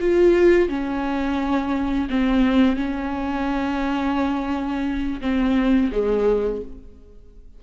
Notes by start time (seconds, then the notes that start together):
0.00 F4
0.68 C#4
2.10 C4
2.76 C#4
5.21 C4
5.91 G#3